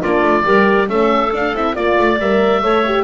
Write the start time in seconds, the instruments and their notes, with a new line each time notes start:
0.00 double bass A#3, horn D4, clarinet F4, oboe D5
0.22 double bass A3
0.43 double bass G3, horn G4, clarinet A#4
0.87 double bass A3, horn C#4, clarinet A4, oboe E5
1.32 horn D4, double bass D4, oboe F5
1.54 double bass C4, horn E4, oboe E5
1.75 double bass A#3, horn F4, clarinet D5, oboe D5
1.99 double bass A3
2.19 double bass G3, horn A#4, oboe E5
2.62 double bass A3, horn A4, clarinet C#5
2.86 horn G4